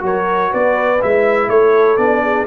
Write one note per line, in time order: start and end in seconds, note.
0.00 0.51 F#3
0.00 0.98 F#4
0.00 0.51 A#4
0.00 0.53 C#5
0.51 1.03 B3
0.51 1.48 B4
0.51 1.02 D5
1.01 1.49 G#3
1.01 1.98 E4
1.01 1.49 E5
1.49 1.97 A3
1.49 2.23 A4
1.49 1.97 C#5
1.97 2.46 B3
1.97 2.47 D4
1.97 2.46 D5
2.23 2.47 G#4